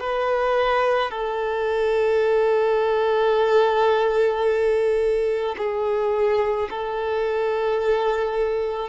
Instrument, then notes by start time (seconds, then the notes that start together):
violin
0.00 B4
1.11 A4
5.57 G#4
6.70 A4